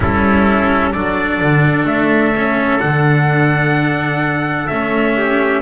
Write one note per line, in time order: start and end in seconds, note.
0.00 0.94 G3
0.00 0.94 C#4
0.00 0.91 E4
0.00 0.92 A4
0.92 1.40 F#3
0.92 2.35 D4
0.92 5.15 A4
0.92 1.86 D5
1.40 1.84 D3
1.84 2.78 A3
1.84 2.80 E5
2.36 2.79 C#4
2.79 4.70 D3
2.79 4.67 D4
2.79 4.67 F#5
4.67 5.62 A3
4.67 5.62 C#4
4.67 5.61 E5
5.16 5.62 G4